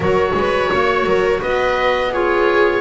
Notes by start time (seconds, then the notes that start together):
0.00 F#3 F#4 A#4 C#5
0.34 G#3 B4
0.71 A#3 C#5
1.05 F#3 A#4
1.40 B3 B4 D#5
2.12 F4 G#4 C#5